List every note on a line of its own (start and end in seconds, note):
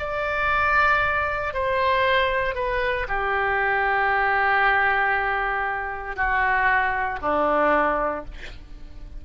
0.00 1.54 D5
1.54 2.55 C5
2.55 3.07 B4
3.08 6.16 G4
6.16 7.20 F#4
7.22 8.25 D4